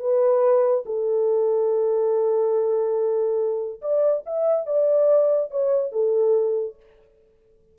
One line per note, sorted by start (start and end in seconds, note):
0.00 0.85 B4
0.86 3.81 A4
3.82 4.24 D5
4.26 4.67 E5
4.67 5.51 D5
5.51 5.92 C#5
5.92 6.77 A4